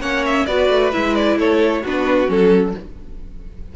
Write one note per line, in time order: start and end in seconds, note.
0.00 0.46 A#3
0.00 0.47 C#4
0.00 0.47 C#5
0.00 0.25 F#5
0.25 0.46 E5
0.46 0.70 B3
0.46 0.92 F#4
0.46 1.39 B4
0.46 0.92 D5
0.70 0.93 A3
0.92 1.37 G#3
0.92 1.84 E4
0.92 1.15 E5
1.15 1.38 D5
1.37 1.82 A3
1.37 1.82 A4
1.37 1.85 C#5
1.82 2.29 B3
1.82 2.27 D4
1.82 2.73 F#4
1.82 2.30 B4
2.27 2.74 F#3
2.27 2.73 C#4
2.27 2.76 A4